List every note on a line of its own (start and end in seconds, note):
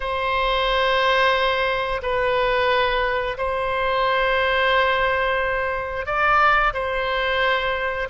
0.00 2.01 C5
2.02 3.37 B4
3.37 6.06 C5
6.06 6.73 D5
6.73 8.08 C5